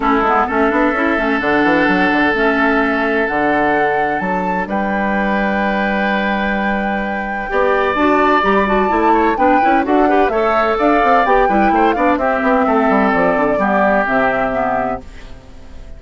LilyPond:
<<
  \new Staff \with { instrumentName = "flute" } { \time 4/4 \tempo 4 = 128 a'4 e''2 fis''4~ | fis''4 e''2 fis''4~ | fis''4 a''4 g''2~ | g''1~ |
g''4 a''4 ais''16 b''16 a''4. | g''4 fis''4 e''4 f''4 | g''4. f''8 e''2 | d''2 e''2 | }
  \new Staff \with { instrumentName = "oboe" } { \time 4/4 e'4 a'2.~ | a'1~ | a'2 b'2~ | b'1 |
d''2.~ d''8 cis''8 | b'4 a'8 b'8 cis''4 d''4~ | d''8 b'8 c''8 d''8 g'4 a'4~ | a'4 g'2. | }
  \new Staff \with { instrumentName = "clarinet" } { \time 4/4 cis'8 b8 cis'8 d'8 e'8 cis'8 d'4~ | d'4 cis'2 d'4~ | d'1~ | d'1 |
g'4 fis'4 g'8 fis'8 e'4 | d'8 e'8 fis'8 g'8 a'2 | g'8 e'4 d'8 c'2~ | c'4 b4 c'4 b4 | }
  \new Staff \with { instrumentName = "bassoon" } { \time 4/4 a8 gis8 a8 b8 cis'8 a8 d8 e8 | fis8 d8 a2 d4~ | d4 fis4 g2~ | g1 |
b4 d'4 g4 a4 | b8 cis'8 d'4 a4 d'8 c'8 | b8 g8 a8 b8 c'8 b8 a8 g8 | f8 d8 g4 c2 | }
>>